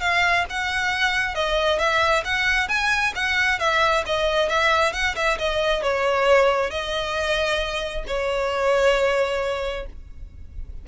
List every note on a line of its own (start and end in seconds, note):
0.00 0.45 F5
0.49 1.34 F#5
1.34 1.78 D#5
1.78 2.23 E5
2.24 2.68 F#5
2.68 3.13 G#5
3.15 3.59 F#5
3.59 4.04 E5
4.05 4.48 D#5
4.48 4.92 E5
4.92 5.15 F#5
5.15 5.38 E5
5.38 5.82 D#5
5.82 6.70 C#5
6.70 8.04 D#5
8.07 9.86 C#5